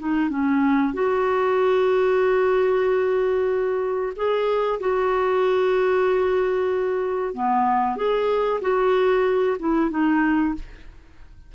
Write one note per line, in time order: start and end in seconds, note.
0.00 0.30 D#4
0.30 0.94 C#4
0.94 4.13 F#4
4.16 4.80 G#4
4.80 7.35 F#4
7.35 7.97 B3
7.97 8.61 G#4
8.62 9.58 F#4
9.60 9.91 E4
9.91 10.55 D#4